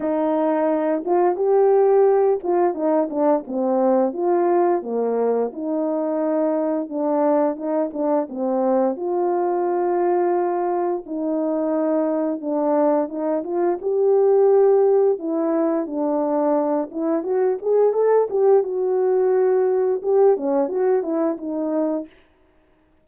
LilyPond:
\new Staff \with { instrumentName = "horn" } { \time 4/4 \tempo 4 = 87 dis'4. f'8 g'4. f'8 | dis'8 d'8 c'4 f'4 ais4 | dis'2 d'4 dis'8 d'8 | c'4 f'2. |
dis'2 d'4 dis'8 f'8 | g'2 e'4 d'4~ | d'8 e'8 fis'8 gis'8 a'8 g'8 fis'4~ | fis'4 g'8 cis'8 fis'8 e'8 dis'4 | }